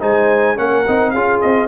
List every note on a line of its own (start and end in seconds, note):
0.00 0.58 G#3
0.00 0.56 D#4
0.00 0.57 C5
0.00 0.58 G#5
0.56 0.86 A#3
0.56 0.85 C#4
0.56 1.12 A#4
0.56 1.11 F#5
0.87 1.14 C4
0.87 1.15 D#4
1.11 1.42 C#4
1.11 1.68 F4
1.11 1.68 G#4
1.11 1.39 F5
1.41 1.68 C4
1.41 1.68 D#5